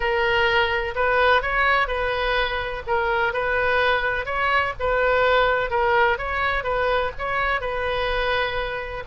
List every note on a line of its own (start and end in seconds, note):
0.00 0.94 A#4
0.95 1.42 B4
1.42 1.87 C#5
1.87 2.82 B4
2.86 3.33 A#4
3.33 4.25 B4
4.25 4.73 C#5
4.79 5.70 B4
5.70 6.18 A#4
6.18 6.63 C#5
6.63 7.11 B4
7.18 7.60 C#5
7.60 9.03 B4